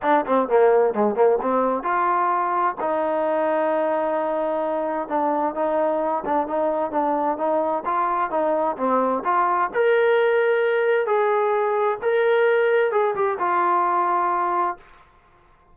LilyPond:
\new Staff \with { instrumentName = "trombone" } { \time 4/4 \tempo 4 = 130 d'8 c'8 ais4 gis8 ais8 c'4 | f'2 dis'2~ | dis'2. d'4 | dis'4. d'8 dis'4 d'4 |
dis'4 f'4 dis'4 c'4 | f'4 ais'2. | gis'2 ais'2 | gis'8 g'8 f'2. | }